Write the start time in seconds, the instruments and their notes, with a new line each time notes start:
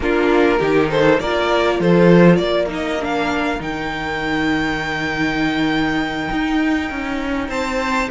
0.00 cello A#3, viola D4, violin F4 A#4
0.58 cello D#3, viola D#4, violin G4
0.90 violin A4 C5
1.19 cello A#3, viola F4, violin A#4 D5
1.79 cello F3, violin A4 C5
2.36 cello A#3, violin A#4 D5
2.67 viola D#4
2.74 violin D#5
3.00 viola D4, violin F5
3.59 cello D#3, viola D#4, violin G5
6.31 cello D#4
6.90 cello C#4
7.48 cello C4, violin C5 A5